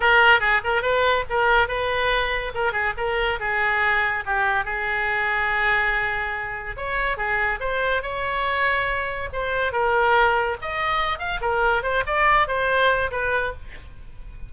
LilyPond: \new Staff \with { instrumentName = "oboe" } { \time 4/4 \tempo 4 = 142 ais'4 gis'8 ais'8 b'4 ais'4 | b'2 ais'8 gis'8 ais'4 | gis'2 g'4 gis'4~ | gis'1 |
cis''4 gis'4 c''4 cis''4~ | cis''2 c''4 ais'4~ | ais'4 dis''4. f''8 ais'4 | c''8 d''4 c''4. b'4 | }